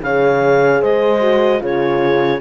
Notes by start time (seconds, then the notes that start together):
0.00 C#3 G#4 C#5 F5
0.81 G#3 C5 D#5
1.20 F#4
1.59 C#3 F4 G#4 C#5